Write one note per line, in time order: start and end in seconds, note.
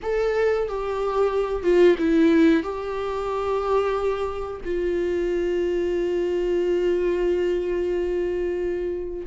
0.02 0.68 A4
0.68 1.63 G4
1.63 1.96 F4
1.98 2.63 E4
2.63 4.60 G4
4.64 9.26 F4